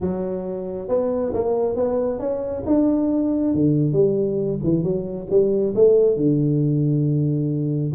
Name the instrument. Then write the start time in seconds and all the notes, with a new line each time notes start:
tuba
0.00 F#3
0.88 B3
1.33 A#3
1.75 B3
2.19 C#4
2.66 D4
3.54 D3
3.93 G3
4.63 E3
4.83 F#3
5.29 G3
5.75 A3
6.16 D3